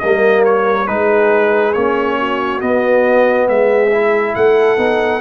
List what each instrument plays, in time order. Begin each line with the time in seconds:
0.00 tuba G3, trombone A#3, horn A#4, trumpet D#5
0.45 trumpet C#5
0.87 tuba G#3, trombone D#4, horn G#4, trumpet B4
1.74 tuba A#3, trombone C#4, trumpet C#5
2.19 horn F#4
2.61 trombone B3, tuba B3, trumpet D#5
3.49 tuba G#3, horn G#4, trumpet E5
3.92 trombone E4
4.36 tuba A3, horn A4, trumpet F#5
4.78 tuba B3, trombone D#4